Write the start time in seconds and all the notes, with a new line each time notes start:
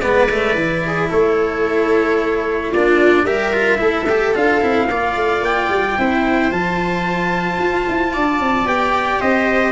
0.00 G#3 B3 B4 D5
0.29 A3
0.54 E3 E4
0.86 G#4
1.09 A3 A4 C#5
2.70 A#3 F4 D5
2.76 D4
3.23 G3 G4 A#4 E5
3.53 F4
3.78 A3 E4 A4
4.09 G4
4.34 D4 F4 F5
4.61 C4 E4
4.89 A#3 F4 D5
5.16 A3
5.41 A#3 G5
5.69 G3
5.98 C4 E4 C5
6.51 F3 F4 A5
7.58 F4
7.88 E4
8.12 D4 D5
8.39 C4
8.65 B3 G4 G5
9.20 C4 C5 D#5